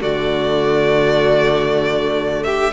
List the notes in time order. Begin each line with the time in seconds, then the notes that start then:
0.00 D3 A3 F#4 D5
2.43 G4 E5